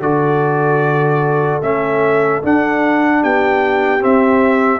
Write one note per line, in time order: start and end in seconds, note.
0.00 1.60 D3
0.00 1.62 F#4
0.00 3.21 A4
0.00 1.62 D5
1.62 2.42 A3
1.62 2.42 C#4
1.62 2.43 E5
2.42 4.00 D4
2.42 3.24 D4
2.42 3.23 F#5
3.21 4.04 B3
3.21 4.80 G4
3.21 4.03 G5
4.00 4.80 C4
4.00 4.80 E5